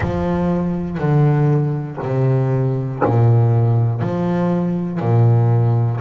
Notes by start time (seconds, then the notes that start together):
0.00 F3
0.98 D3
2.02 C3
3.05 A#2
4.00 F3
5.00 A#2